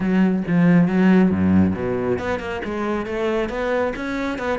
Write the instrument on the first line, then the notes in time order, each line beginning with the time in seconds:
cello
0.00 F#3
0.47 F3
0.87 F#3
1.30 F#2
1.74 B2
2.19 B3
2.39 A#3
2.64 G#3
3.06 A3
3.49 B3
3.96 C#4
4.38 B3